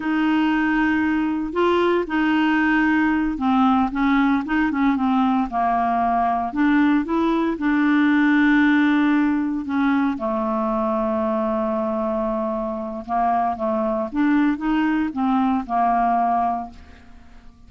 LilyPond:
\new Staff \with { instrumentName = "clarinet" } { \time 4/4 \tempo 4 = 115 dis'2. f'4 | dis'2~ dis'8 c'4 cis'8~ | cis'8 dis'8 cis'8 c'4 ais4.~ | ais8 d'4 e'4 d'4.~ |
d'2~ d'8 cis'4 a8~ | a1~ | a4 ais4 a4 d'4 | dis'4 c'4 ais2 | }